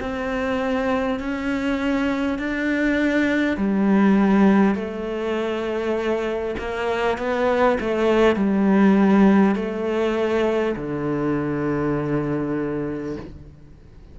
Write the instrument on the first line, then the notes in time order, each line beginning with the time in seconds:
cello
0.00 C4
1.19 C#4
2.38 D4
3.57 G3
4.75 A3
6.58 A#3
7.18 B3
7.80 A3
8.36 G3
9.55 A3
10.76 D3